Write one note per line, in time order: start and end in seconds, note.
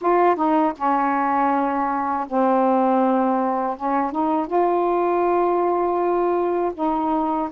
0.01 0.35 F4
0.35 0.73 D#4
0.76 2.26 C#4
2.27 3.76 C4
3.76 4.11 C#4
4.11 4.46 D#4
4.46 6.71 F4
6.74 7.49 D#4